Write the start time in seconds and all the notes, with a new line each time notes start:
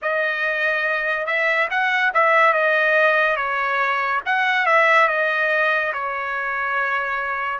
0.02 D#5
1.26 E5
1.70 F#5
2.14 E5
2.53 D#5
3.36 C#5
4.25 F#5
4.66 E5
5.08 D#5
5.93 C#5